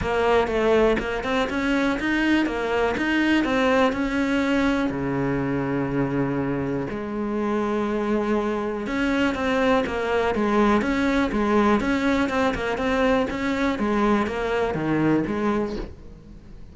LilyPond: \new Staff \with { instrumentName = "cello" } { \time 4/4 \tempo 4 = 122 ais4 a4 ais8 c'8 cis'4 | dis'4 ais4 dis'4 c'4 | cis'2 cis2~ | cis2 gis2~ |
gis2 cis'4 c'4 | ais4 gis4 cis'4 gis4 | cis'4 c'8 ais8 c'4 cis'4 | gis4 ais4 dis4 gis4 | }